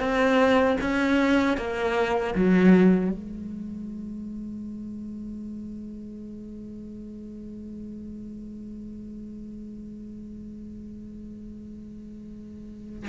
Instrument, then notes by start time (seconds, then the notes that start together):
cello
0.00 C4
0.81 C#4
1.57 A#3
2.35 F#3
3.12 G#3